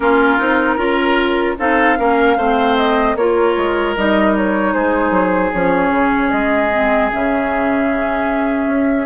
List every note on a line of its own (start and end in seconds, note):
0.00 0.39 A#3
0.00 0.38 C#4
0.00 0.75 F4
0.00 1.57 A#4
0.38 0.77 C4
0.38 0.78 D#4
0.75 1.56 C#4
0.75 1.57 F4
0.75 1.54 A#4
1.58 1.98 C4
1.58 1.97 D#4
1.58 1.98 A4
1.58 2.77 F5
1.97 2.37 A#3
1.97 2.37 C#4
1.97 2.37 A#4
2.37 3.15 A3
2.37 3.17 C4
2.37 3.16 C5
2.77 3.16 D#5
3.15 3.54 A#3
3.15 3.97 F4
3.15 4.73 A#4
3.15 3.95 C#5
3.57 3.96 G#3
3.96 4.75 G3
3.96 5.54 D#4
3.96 4.35 D#5
4.36 4.73 C#5
4.73 5.10 G#3
4.73 9.06 G#4
4.73 5.52 C5
5.10 5.50 F#3
5.52 5.90 F3
5.52 6.71 C#4
5.52 6.31 C#5
5.90 6.30 C#3
6.31 7.11 G#3
6.31 7.10 D#5
6.71 7.11 C4
7.11 8.66 C#3
7.11 9.06 C#4
7.11 9.06 E5
8.66 9.06 C#4